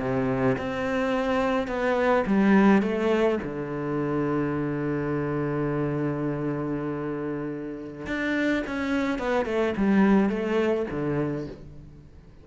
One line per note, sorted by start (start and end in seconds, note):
0.00 0.57 C3
0.58 1.67 C4
1.67 2.24 B3
2.26 2.82 G3
2.82 3.39 A3
3.43 8.07 D3
8.07 8.63 D4
8.67 9.19 C#4
9.19 9.46 B3
9.46 9.74 A3
9.77 10.29 G3
10.29 10.86 A3
10.90 11.47 D3